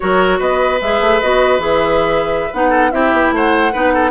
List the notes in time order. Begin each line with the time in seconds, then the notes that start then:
0.00 F#3 F#4 A#4 C#5
0.38 B3 B4 D#5
0.81 G#3 G#4 E5
1.00 A3
1.20 B3 F#4 D#5
1.58 E3 G#4 E5
2.53 B3 D#4 F#5
2.69 A4
2.91 C4 E4 G4 E5
3.12 B3
3.31 A3 C5 F#5
3.72 B3 D#4 B4
3.93 A4